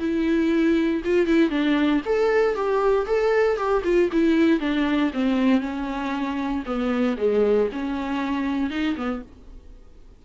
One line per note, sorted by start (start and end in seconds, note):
0.00 1.03 E4
1.05 1.27 F4
1.27 1.50 E4
1.50 2.02 D4
2.06 2.55 A4
2.55 3.07 G4
3.07 3.58 A4
3.58 3.83 G4
3.85 4.10 F4
4.13 4.60 E4
4.60 5.12 D4
5.14 5.61 C4
5.61 6.64 C#4
6.66 7.17 B3
7.18 7.69 G#3
7.73 8.71 C#4
8.71 8.96 D#4
8.97 9.23 B3